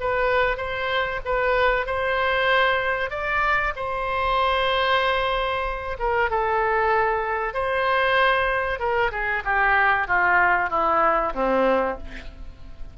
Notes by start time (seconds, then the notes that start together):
0.00 B4
0.57 C5
1.25 B4
1.86 C5
3.10 D5
3.76 C5
5.99 A#4
6.30 A4
7.54 C5
8.79 A#4
9.11 G#4
9.44 G4
10.07 F4
10.70 E4
11.34 C4